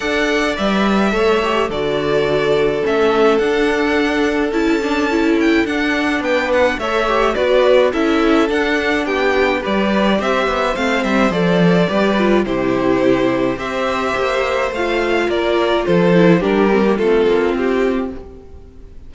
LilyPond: <<
  \new Staff \with { instrumentName = "violin" } { \time 4/4 \tempo 4 = 106 fis''4 e''2 d''4~ | d''4 e''4 fis''2 | a''4. g''8 fis''4 g''8 fis''8 | e''4 d''4 e''4 fis''4 |
g''4 d''4 e''4 f''8 e''8 | d''2 c''2 | e''2 f''4 d''4 | c''4 ais'4 a'4 g'4 | }
  \new Staff \with { instrumentName = "violin" } { \time 4/4 d''2 cis''4 a'4~ | a'1~ | a'2. b'4 | cis''4 b'4 a'2 |
g'4 b'4 c''2~ | c''4 b'4 g'2 | c''2. ais'4 | a'4 g'4 f'2 | }
  \new Staff \with { instrumentName = "viola" } { \time 4/4 a'4 b'4 a'8 g'8 fis'4~ | fis'4 cis'4 d'2 | e'8 d'8 e'4 d'2 | a'8 g'8 fis'4 e'4 d'4~ |
d'4 g'2 c'4 | a'4 g'8 f'8 e'2 | g'2 f'2~ | f'8 e'8 d'8 c'16 ais16 c'2 | }
  \new Staff \with { instrumentName = "cello" } { \time 4/4 d'4 g4 a4 d4~ | d4 a4 d'2 | cis'2 d'4 b4 | a4 b4 cis'4 d'4 |
b4 g4 c'8 b8 a8 g8 | f4 g4 c2 | c'4 ais4 a4 ais4 | f4 g4 a8 ais8 c'4 | }
>>